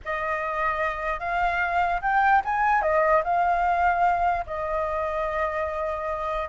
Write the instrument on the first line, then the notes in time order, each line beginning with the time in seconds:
flute
0.04 D#5
1.19 F5
2.01 G5
2.45 G#5
2.82 D#5
3.24 F5
4.46 D#5